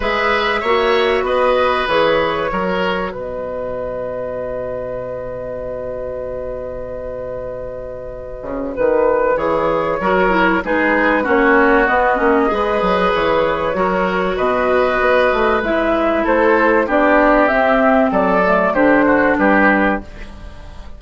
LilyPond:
<<
  \new Staff \with { instrumentName = "flute" } { \time 4/4 \tempo 4 = 96 e''2 dis''4 cis''4~ | cis''4 dis''2.~ | dis''1~ | dis''2 b'4 cis''4~ |
cis''4 b'4 cis''4 dis''4~ | dis''4 cis''2 dis''4~ | dis''4 e''4 c''4 d''4 | e''4 d''4 c''4 b'4 | }
  \new Staff \with { instrumentName = "oboe" } { \time 4/4 b'4 cis''4 b'2 | ais'4 b'2.~ | b'1~ | b'1 |
ais'4 gis'4 fis'2 | b'2 ais'4 b'4~ | b'2 a'4 g'4~ | g'4 a'4 g'8 fis'8 g'4 | }
  \new Staff \with { instrumentName = "clarinet" } { \time 4/4 gis'4 fis'2 gis'4 | fis'1~ | fis'1~ | fis'2. gis'4 |
fis'8 e'8 dis'4 cis'4 b8 cis'8 | gis'2 fis'2~ | fis'4 e'2 d'4 | c'4. a8 d'2 | }
  \new Staff \with { instrumentName = "bassoon" } { \time 4/4 gis4 ais4 b4 e4 | fis4 b,2.~ | b,1~ | b,4. cis8 dis4 e4 |
fis4 gis4 ais4 b8 ais8 | gis8 fis8 e4 fis4 b,4 | b8 a8 gis4 a4 b4 | c'4 fis4 d4 g4 | }
>>